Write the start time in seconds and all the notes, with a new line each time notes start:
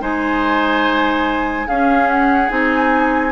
0.00 G#3 D#4 C5 G#5
1.68 C#4 G#4 F5
2.09 F#5
2.49 C4 D#4 G#5